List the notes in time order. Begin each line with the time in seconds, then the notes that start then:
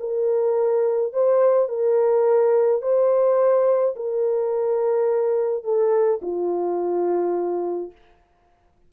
0.00 A#4
1.13 C5
1.69 A#4
2.82 C5
3.96 A#4
5.64 A4
6.22 F4